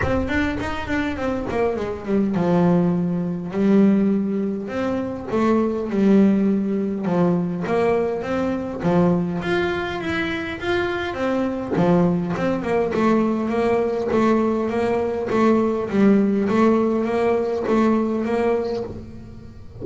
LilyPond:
\new Staff \with { instrumentName = "double bass" } { \time 4/4 \tempo 4 = 102 c'8 d'8 dis'8 d'8 c'8 ais8 gis8 g8 | f2 g2 | c'4 a4 g2 | f4 ais4 c'4 f4 |
f'4 e'4 f'4 c'4 | f4 c'8 ais8 a4 ais4 | a4 ais4 a4 g4 | a4 ais4 a4 ais4 | }